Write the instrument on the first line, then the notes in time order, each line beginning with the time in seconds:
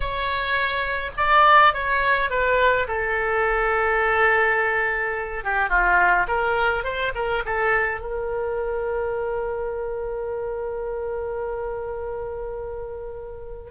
oboe
0.00 C#5
1.17 D5
1.73 C#5
2.30 B4
2.87 A4
5.44 G4
5.69 F4
6.27 A#4
6.83 C5
7.14 A#4
7.45 A4
8.00 A#4